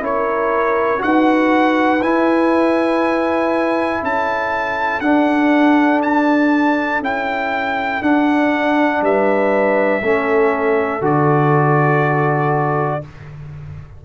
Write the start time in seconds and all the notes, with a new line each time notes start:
0.00 C#4 E4 A#4 C#5
0.99 D#4 F#4 F#5
1.05 B4
2.02 E4 G#5
4.02 C#4 A4 A5
5.00 D4 F#5
6.02 A5
7.01 C#4 E4 G5
8.01 D4 F#5
9.01 G3 B4 E5
10.02 A3 C#4 A4
11.01 D3 F#4 D5